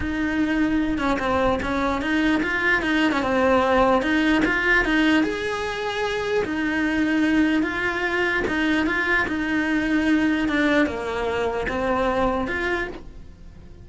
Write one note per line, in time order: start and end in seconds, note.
0.00 0.98 D#4
0.98 1.18 C#4
1.19 1.59 C4
1.62 2.01 C#4
2.01 2.41 D#4
2.42 2.82 F4
2.82 3.12 D#4
3.12 3.22 C#4
3.22 4.02 C4
4.02 4.42 D#4
4.45 4.84 F4
4.84 5.23 D#4
5.23 6.44 G#4
6.44 7.63 D#4
7.63 8.43 F4
8.47 8.86 D#4
8.86 9.26 F4
9.27 10.48 D#4
10.48 10.86 D4
10.86 11.66 A#3
11.68 12.47 C4
12.47 12.88 F4